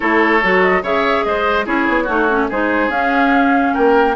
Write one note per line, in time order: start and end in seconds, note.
0.00 0.43 A3
0.00 0.41 E4
0.00 0.83 A4
0.00 0.61 C#5
0.42 0.82 F#3
0.42 0.83 F#4
0.61 0.82 D#5
0.82 1.24 C#3
0.82 1.65 G#4
0.82 1.24 C#5
0.82 1.24 E5
1.24 1.66 G#3
1.24 1.65 C5
1.24 1.65 D#5
1.65 1.87 C#4
1.65 2.06 E4
1.65 2.03 G#4
1.65 2.50 C#5
1.87 2.08 B3
2.03 2.49 A3
2.03 2.28 D#4
2.03 2.45 F#4
2.28 2.49 C#4
2.49 2.89 G#3
2.49 2.90 D#4
2.49 3.73 G#4
2.49 2.90 C5
2.89 3.72 C#4
2.89 4.15 C#4
2.89 3.74 F5
3.73 4.15 A#3
3.73 4.15 A#4
3.73 4.15 G5